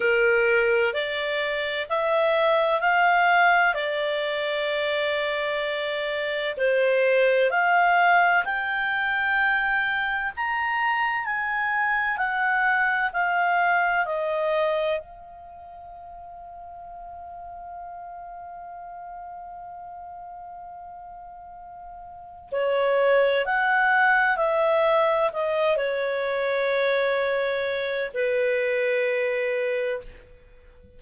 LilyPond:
\new Staff \with { instrumentName = "clarinet" } { \time 4/4 \tempo 4 = 64 ais'4 d''4 e''4 f''4 | d''2. c''4 | f''4 g''2 ais''4 | gis''4 fis''4 f''4 dis''4 |
f''1~ | f''1 | cis''4 fis''4 e''4 dis''8 cis''8~ | cis''2 b'2 | }